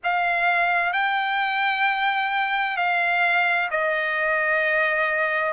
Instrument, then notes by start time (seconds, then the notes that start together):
trumpet
0.03 F5
0.92 G5
2.77 F5
3.70 D#5